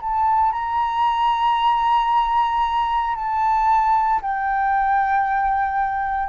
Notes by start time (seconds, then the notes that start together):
0.00 A5
0.52 A#5
3.15 A5
4.22 G5